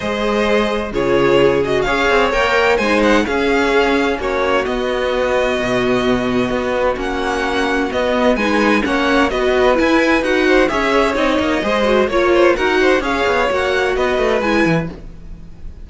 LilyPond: <<
  \new Staff \with { instrumentName = "violin" } { \time 4/4 \tempo 4 = 129 dis''2 cis''4. dis''8 | f''4 g''4 gis''8 fis''8 f''4~ | f''4 cis''4 dis''2~ | dis''2. fis''4~ |
fis''4 dis''4 gis''4 fis''4 | dis''4 gis''4 fis''4 e''4 | dis''2 cis''4 fis''4 | f''4 fis''4 dis''4 gis''4 | }
  \new Staff \with { instrumentName = "violin" } { \time 4/4 c''2 gis'2 | cis''2 c''4 gis'4~ | gis'4 fis'2.~ | fis'1~ |
fis'2 b'4 cis''4 | b'2~ b'8 c''8 cis''4~ | cis''4 c''4 cis''8 c''8 ais'8 c''8 | cis''2 b'2 | }
  \new Staff \with { instrumentName = "viola" } { \time 4/4 gis'2 f'4. fis'8 | gis'4 ais'4 dis'4 cis'4~ | cis'2 b2~ | b2. cis'4~ |
cis'4 b4 dis'4 cis'4 | fis'4 e'4 fis'4 gis'4 | dis'4 gis'8 fis'8 f'4 fis'4 | gis'4 fis'2 e'4 | }
  \new Staff \with { instrumentName = "cello" } { \time 4/4 gis2 cis2 | cis'8 c'8 ais4 gis4 cis'4~ | cis'4 ais4 b2 | b,2 b4 ais4~ |
ais4 b4 gis4 ais4 | b4 e'4 dis'4 cis'4 | c'8 ais8 gis4 ais4 dis'4 | cis'8 b8 ais4 b8 a8 gis8 e8 | }
>>